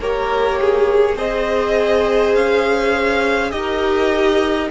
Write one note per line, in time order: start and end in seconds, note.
0.00 1.16 A#3
0.00 1.16 G4
0.00 0.59 A#4
0.00 1.15 C#5
0.61 1.18 G#4
1.15 2.34 C4
1.15 3.50 G#4
1.15 3.50 C5
1.15 2.35 D#5
2.34 3.51 C#4
2.34 3.50 F5
3.50 4.69 D#4
3.50 4.68 G4
3.50 4.70 A#4
3.50 4.68 D#5